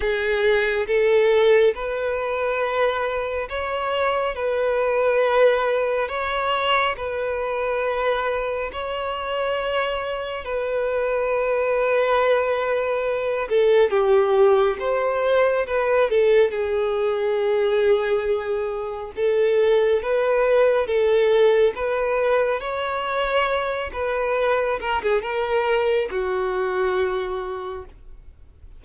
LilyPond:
\new Staff \with { instrumentName = "violin" } { \time 4/4 \tempo 4 = 69 gis'4 a'4 b'2 | cis''4 b'2 cis''4 | b'2 cis''2 | b'2.~ b'8 a'8 |
g'4 c''4 b'8 a'8 gis'4~ | gis'2 a'4 b'4 | a'4 b'4 cis''4. b'8~ | b'8 ais'16 gis'16 ais'4 fis'2 | }